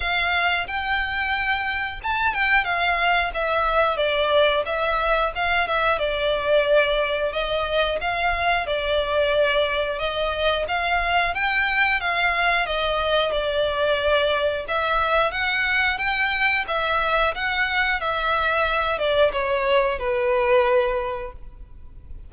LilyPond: \new Staff \with { instrumentName = "violin" } { \time 4/4 \tempo 4 = 90 f''4 g''2 a''8 g''8 | f''4 e''4 d''4 e''4 | f''8 e''8 d''2 dis''4 | f''4 d''2 dis''4 |
f''4 g''4 f''4 dis''4 | d''2 e''4 fis''4 | g''4 e''4 fis''4 e''4~ | e''8 d''8 cis''4 b'2 | }